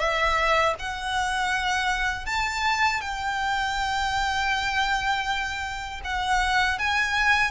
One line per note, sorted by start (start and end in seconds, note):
0.00 0.75 E5
0.79 2.26 F#5
2.26 3.01 A5
3.01 6.01 G5
6.04 6.79 F#5
6.79 7.51 G#5